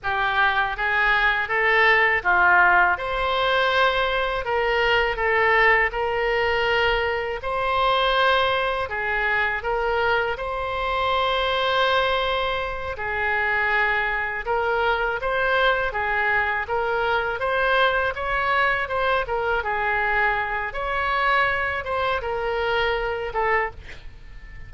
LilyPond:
\new Staff \with { instrumentName = "oboe" } { \time 4/4 \tempo 4 = 81 g'4 gis'4 a'4 f'4 | c''2 ais'4 a'4 | ais'2 c''2 | gis'4 ais'4 c''2~ |
c''4. gis'2 ais'8~ | ais'8 c''4 gis'4 ais'4 c''8~ | c''8 cis''4 c''8 ais'8 gis'4. | cis''4. c''8 ais'4. a'8 | }